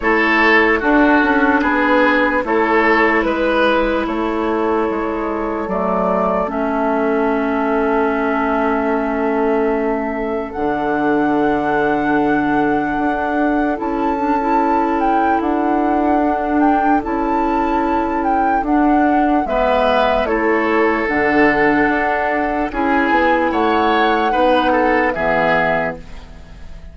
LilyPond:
<<
  \new Staff \with { instrumentName = "flute" } { \time 4/4 \tempo 4 = 74 cis''4 a'4 b'4 cis''4 | b'4 cis''2 d''4 | e''1~ | e''4 fis''2.~ |
fis''4 a''4. g''8 fis''4~ | fis''8 g''8 a''4. g''8 fis''4 | e''4 cis''4 fis''2 | gis''4 fis''2 e''4 | }
  \new Staff \with { instrumentName = "oboe" } { \time 4/4 a'4 fis'4 gis'4 a'4 | b'4 a'2.~ | a'1~ | a'1~ |
a'1~ | a'1 | b'4 a'2. | gis'4 cis''4 b'8 a'8 gis'4 | }
  \new Staff \with { instrumentName = "clarinet" } { \time 4/4 e'4 d'2 e'4~ | e'2. a4 | cis'1~ | cis'4 d'2.~ |
d'4 e'8 d'16 e'2~ e'16 | d'4 e'2 d'4 | b4 e'4 d'2 | e'2 dis'4 b4 | }
  \new Staff \with { instrumentName = "bassoon" } { \time 4/4 a4 d'8 cis'8 b4 a4 | gis4 a4 gis4 fis4 | a1~ | a4 d2. |
d'4 cis'2 d'4~ | d'4 cis'2 d'4 | gis4 a4 d4 d'4 | cis'8 b8 a4 b4 e4 | }
>>